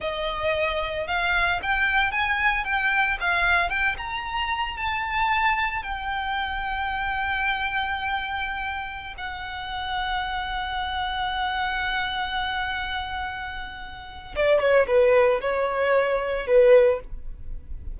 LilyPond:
\new Staff \with { instrumentName = "violin" } { \time 4/4 \tempo 4 = 113 dis''2 f''4 g''4 | gis''4 g''4 f''4 g''8 ais''8~ | ais''4 a''2 g''4~ | g''1~ |
g''4~ g''16 fis''2~ fis''8.~ | fis''1~ | fis''2. d''8 cis''8 | b'4 cis''2 b'4 | }